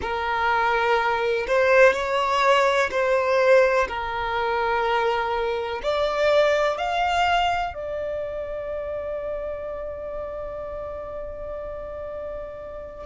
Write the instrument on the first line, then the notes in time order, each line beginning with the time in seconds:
violin
0.01 A#4
1.47 C5
1.93 C#5
2.90 C5
3.88 A#4
5.82 D5
6.77 F5
7.74 D5